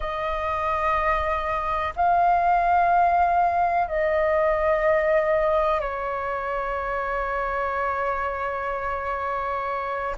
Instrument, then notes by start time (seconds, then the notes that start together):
flute
0.00 D#5
1.96 F5
3.88 D#5
5.80 C#5